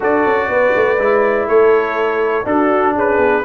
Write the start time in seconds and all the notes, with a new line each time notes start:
0.00 D4 F#4 A4 D5
0.25 C#4
0.48 B3 B4
0.75 A3
0.98 G#3 E4
1.47 A3 A4 C#5
2.44 D4 F#4 A4
2.94 C#4 G#4 B4
3.18 B3